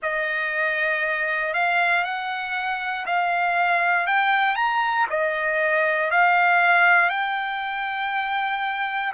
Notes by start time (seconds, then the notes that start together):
0.02 D#5
1.53 F5
2.03 F#5
3.06 F5
4.06 G5
4.55 A#5
5.10 D#5
6.11 F5
7.09 G5